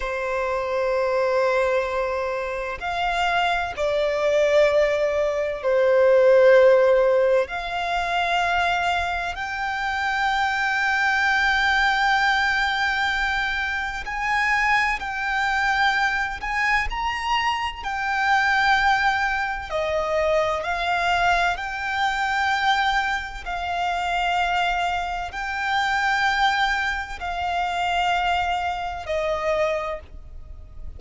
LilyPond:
\new Staff \with { instrumentName = "violin" } { \time 4/4 \tempo 4 = 64 c''2. f''4 | d''2 c''2 | f''2 g''2~ | g''2. gis''4 |
g''4. gis''8 ais''4 g''4~ | g''4 dis''4 f''4 g''4~ | g''4 f''2 g''4~ | g''4 f''2 dis''4 | }